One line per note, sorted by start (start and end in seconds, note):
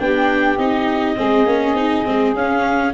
0.00 0.58 B3
0.00 0.59 D4
0.00 1.16 G4
0.00 0.58 G5
0.58 1.17 C4
0.58 1.16 D#4
0.58 2.34 D#5
1.16 1.46 G#3
1.16 1.46 C4
1.16 2.93 G#4
1.46 1.74 A#3
1.46 1.76 C#4
1.74 2.03 C4
1.74 2.05 D#4
2.05 2.34 G#3
2.05 2.34 C4
2.34 2.93 C#4
2.34 2.94 C#4
2.34 2.94 F5